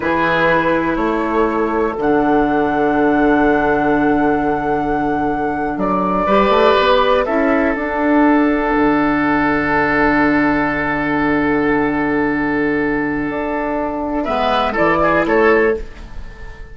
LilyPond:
<<
  \new Staff \with { instrumentName = "flute" } { \time 4/4 \tempo 4 = 122 b'2 cis''2 | fis''1~ | fis''2.~ fis''8. d''16~ | d''2~ d''8. e''4 fis''16~ |
fis''1~ | fis''1~ | fis''1~ | fis''4 e''4 d''4 cis''4 | }
  \new Staff \with { instrumentName = "oboe" } { \time 4/4 gis'2 a'2~ | a'1~ | a'1~ | a'8. b'2 a'4~ a'16~ |
a'1~ | a'1~ | a'1~ | a'4 b'4 a'8 gis'8 a'4 | }
  \new Staff \with { instrumentName = "clarinet" } { \time 4/4 e'1 | d'1~ | d'1~ | d'8. g'2 e'4 d'16~ |
d'1~ | d'1~ | d'1~ | d'4 b4 e'2 | }
  \new Staff \with { instrumentName = "bassoon" } { \time 4/4 e2 a2 | d1~ | d2.~ d8. fis16~ | fis8. g8 a8 b4 cis'4 d'16~ |
d'4.~ d'16 d2~ d16~ | d1~ | d2. d'4~ | d'4 gis4 e4 a4 | }
>>